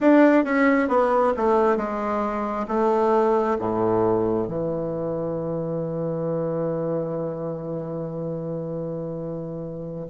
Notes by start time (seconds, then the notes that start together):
0.00 D4
0.44 C#4
0.88 B3
1.36 A3
1.77 G#3
2.67 A3
3.59 A2
4.47 E3